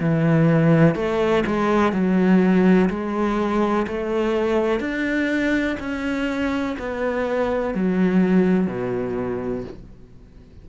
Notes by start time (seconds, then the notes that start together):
0.00 E3
0.95 A3
1.46 G#3
1.93 F#3
2.90 G#3
3.88 A3
4.80 D4
5.80 C#4
6.79 B3
7.74 F#3
8.67 B2